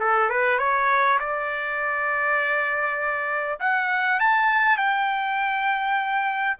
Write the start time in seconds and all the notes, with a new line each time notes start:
0.00 A4
0.30 B4
0.59 C#5
1.20 D5
3.60 F#5
4.20 A5
4.78 G5